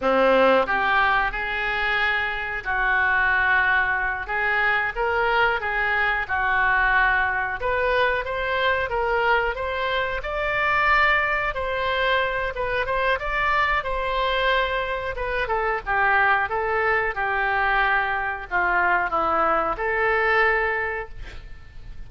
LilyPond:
\new Staff \with { instrumentName = "oboe" } { \time 4/4 \tempo 4 = 91 c'4 g'4 gis'2 | fis'2~ fis'8 gis'4 ais'8~ | ais'8 gis'4 fis'2 b'8~ | b'8 c''4 ais'4 c''4 d''8~ |
d''4. c''4. b'8 c''8 | d''4 c''2 b'8 a'8 | g'4 a'4 g'2 | f'4 e'4 a'2 | }